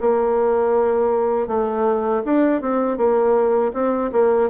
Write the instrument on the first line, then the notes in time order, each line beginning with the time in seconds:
bassoon
0.00 A#3
1.47 A3
2.25 D4
2.61 C4
2.97 A#3
3.73 C4
4.12 A#3